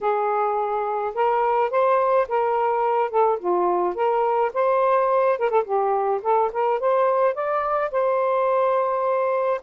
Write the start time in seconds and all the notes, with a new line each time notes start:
0.01 G#4
1.14 A#4
1.70 C5
2.28 A#4
3.10 A4
3.39 F4
3.95 A#4
4.53 C5
5.39 A#4
5.49 A4
5.64 G4
6.22 A4
6.52 A#4
6.79 C5
7.34 D5
7.91 C5